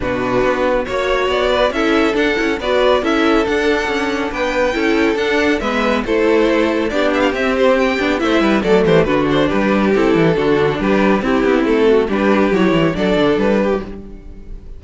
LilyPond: <<
  \new Staff \with { instrumentName = "violin" } { \time 4/4 \tempo 4 = 139 b'2 cis''4 d''4 | e''4 fis''4 d''4 e''4 | fis''2 g''2 | fis''4 e''4 c''2 |
d''8 e''16 f''16 e''8 c''8 g''4 e''4 | d''8 c''8 b'8 c''8 b'4 a'4~ | a'4 b'4 g'4 a'4 | b'4 cis''4 d''4 b'4 | }
  \new Staff \with { instrumentName = "violin" } { \time 4/4 fis'2 cis''4. b'8 | a'2 b'4 a'4~ | a'2 b'4 a'4~ | a'4 b'4 a'2 |
g'2. c''8 b'8 | a'8 g'8 fis'4 g'2 | fis'4 g'4 e'4. fis'8 | g'2 a'4. g'8 | }
  \new Staff \with { instrumentName = "viola" } { \time 4/4 d'2 fis'2 | e'4 d'8 e'8 fis'4 e'4 | d'2. e'4 | d'4 b4 e'2 |
d'4 c'4. d'8 e'4 | a4 d'2 e'4 | d'2 c'2 | d'4 e'4 d'2 | }
  \new Staff \with { instrumentName = "cello" } { \time 4/4 b,4 b4 ais4 b4 | cis'4 d'8 cis'8 b4 cis'4 | d'4 cis'4 b4 cis'4 | d'4 gis4 a2 |
b4 c'4. b8 a8 g8 | fis8 e8 d4 g4 c'8 e8 | d4 g4 c'8 b8 a4 | g4 fis8 e8 fis8 d8 g4 | }
>>